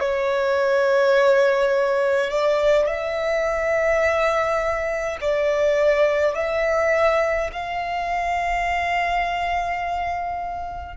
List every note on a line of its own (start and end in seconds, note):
0.00 2.31 C#5
2.31 2.87 D5
2.87 5.18 E5
5.21 6.35 D5
6.35 7.51 E5
7.53 10.97 F5